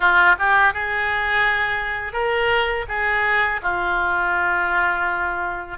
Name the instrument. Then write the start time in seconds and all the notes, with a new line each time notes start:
oboe
0.00 F4
0.38 G4
0.73 G#4
2.12 A#4
2.88 G#4
3.62 F4